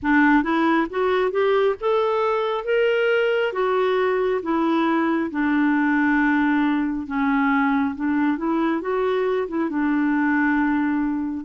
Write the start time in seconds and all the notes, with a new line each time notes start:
0.02 D4
0.43 E4
0.89 F#4
1.31 G4
1.80 A4
2.64 A#4
3.53 F#4
4.42 E4
5.30 D4
7.06 C#4
7.95 D4
8.37 E4
8.81 F#4
9.48 E4
9.69 D4